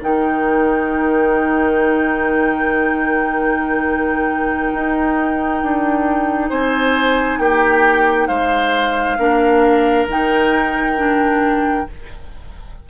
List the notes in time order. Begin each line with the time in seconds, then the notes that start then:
0.00 D#3 D#4 A#4 G5
4.74 D#4
5.63 D4
6.50 C4 C5 G#5
7.39 A#3 G4 G5
8.27 G#3 C5 F5
9.18 A#3 D4 A#4
10.07 D#3 D#4 G5
10.97 D4